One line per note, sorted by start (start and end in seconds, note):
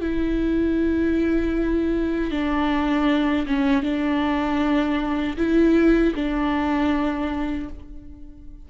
0.00 2.30 E4
2.30 3.46 D4
3.46 3.82 C#4
3.82 5.36 D4
5.37 6.14 E4
6.15 7.69 D4